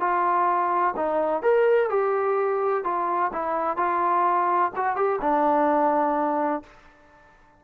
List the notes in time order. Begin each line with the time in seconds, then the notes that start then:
0.00 F4
0.96 D#4
1.42 A#4
1.90 G4
2.84 F4
3.33 E4
3.77 F4
4.76 F#4
4.96 G4
5.21 D4